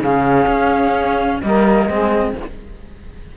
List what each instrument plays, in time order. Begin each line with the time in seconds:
0.00 cello C#3 C#4, saxophone G#4, flute F5
0.47 cello C#4
1.42 cello G3 A#3, saxophone A#4, flute D#5
1.87 cello G#3 C4, saxophone G#4